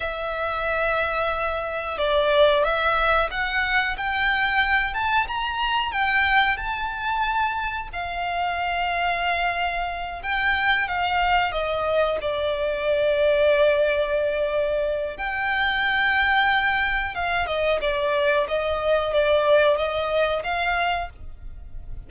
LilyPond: \new Staff \with { instrumentName = "violin" } { \time 4/4 \tempo 4 = 91 e''2. d''4 | e''4 fis''4 g''4. a''8 | ais''4 g''4 a''2 | f''2.~ f''8 g''8~ |
g''8 f''4 dis''4 d''4.~ | d''2. g''4~ | g''2 f''8 dis''8 d''4 | dis''4 d''4 dis''4 f''4 | }